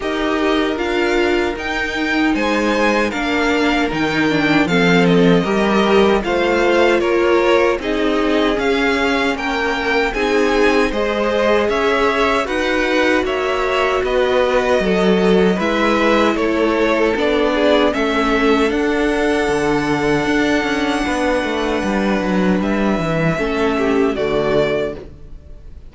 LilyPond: <<
  \new Staff \with { instrumentName = "violin" } { \time 4/4 \tempo 4 = 77 dis''4 f''4 g''4 gis''4 | f''4 g''4 f''8 dis''4. | f''4 cis''4 dis''4 f''4 | g''4 gis''4 dis''4 e''4 |
fis''4 e''4 dis''2 | e''4 cis''4 d''4 e''4 | fis''1~ | fis''4 e''2 d''4 | }
  \new Staff \with { instrumentName = "violin" } { \time 4/4 ais'2. c''4 | ais'2 a'4 ais'4 | c''4 ais'4 gis'2 | ais'4 gis'4 c''4 cis''4 |
b'4 cis''4 b'4 a'4 | b'4 a'4. gis'8 a'4~ | a'2. b'4~ | b'2 a'8 g'8 fis'4 | }
  \new Staff \with { instrumentName = "viola" } { \time 4/4 g'4 f'4 dis'2 | d'4 dis'8 d'8 c'4 g'4 | f'2 dis'4 cis'4~ | cis'4 dis'4 gis'2 |
fis'1 | e'2 d'4 cis'4 | d'1~ | d'2 cis'4 a4 | }
  \new Staff \with { instrumentName = "cello" } { \time 4/4 dis'4 d'4 dis'4 gis4 | ais4 dis4 f4 g4 | a4 ais4 c'4 cis'4 | ais4 c'4 gis4 cis'4 |
dis'4 ais4 b4 fis4 | gis4 a4 b4 a4 | d'4 d4 d'8 cis'8 b8 a8 | g8 fis8 g8 e8 a4 d4 | }
>>